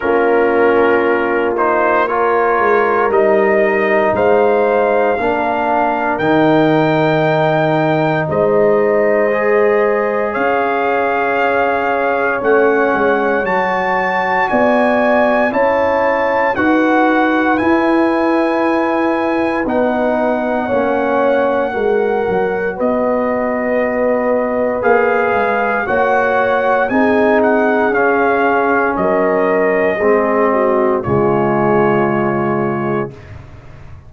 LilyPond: <<
  \new Staff \with { instrumentName = "trumpet" } { \time 4/4 \tempo 4 = 58 ais'4. c''8 cis''4 dis''4 | f''2 g''2 | dis''2 f''2 | fis''4 a''4 gis''4 a''4 |
fis''4 gis''2 fis''4~ | fis''2 dis''2 | f''4 fis''4 gis''8 fis''8 f''4 | dis''2 cis''2 | }
  \new Staff \with { instrumentName = "horn" } { \time 4/4 f'2 ais'2 | c''4 ais'2. | c''2 cis''2~ | cis''2 d''4 cis''4 |
b'1 | cis''4 ais'4 b'2~ | b'4 cis''4 gis'2 | ais'4 gis'8 fis'8 f'2 | }
  \new Staff \with { instrumentName = "trombone" } { \time 4/4 cis'4. dis'8 f'4 dis'4~ | dis'4 d'4 dis'2~ | dis'4 gis'2. | cis'4 fis'2 e'4 |
fis'4 e'2 dis'4 | cis'4 fis'2. | gis'4 fis'4 dis'4 cis'4~ | cis'4 c'4 gis2 | }
  \new Staff \with { instrumentName = "tuba" } { \time 4/4 ais2~ ais8 gis8 g4 | gis4 ais4 dis2 | gis2 cis'2 | a8 gis8 fis4 b4 cis'4 |
dis'4 e'2 b4 | ais4 gis8 fis8 b2 | ais8 gis8 ais4 c'4 cis'4 | fis4 gis4 cis2 | }
>>